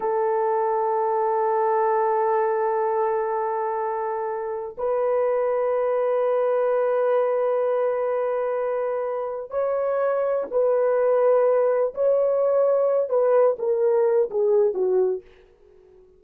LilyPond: \new Staff \with { instrumentName = "horn" } { \time 4/4 \tempo 4 = 126 a'1~ | a'1~ | a'2 b'2~ | b'1~ |
b'1 | cis''2 b'2~ | b'4 cis''2~ cis''8 b'8~ | b'8 ais'4. gis'4 fis'4 | }